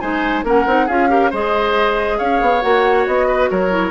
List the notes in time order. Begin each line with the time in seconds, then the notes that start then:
0.00 G#3 D#4 C5 G#5
0.43 A#3 C#4 A#4 F#5
0.67 C4 D#4
0.86 C#4 F4 G#4 F5
1.09 G4 A#4
1.31 G#3 G#4 C5 D#5
2.18 C#4 C#5 F5
2.41 B3
2.61 A#3 F#4 F#5
3.07 B3 D#5
3.28 B4
3.50 F#3 A#4 C#5
3.70 E4